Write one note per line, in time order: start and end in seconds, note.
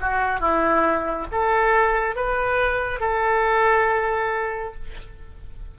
0.00 0.40 F#4
0.40 1.26 E4
1.31 2.15 A4
2.15 3.00 B4
3.00 4.74 A4